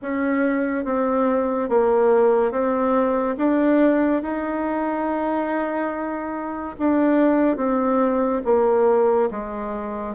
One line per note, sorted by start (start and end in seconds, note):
0.02 0.85 C#4
0.85 1.69 C4
1.69 2.51 A#3
2.51 3.36 C4
3.37 4.22 D4
4.22 6.76 D#4
6.78 7.56 D4
7.56 8.41 C4
8.45 9.29 A#3
9.30 10.14 G#3